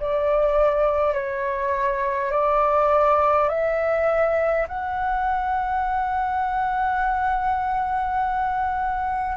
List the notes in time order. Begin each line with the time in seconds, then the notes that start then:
0.00 D5
1.13 C#5
2.31 D5
3.49 E5
4.68 F#5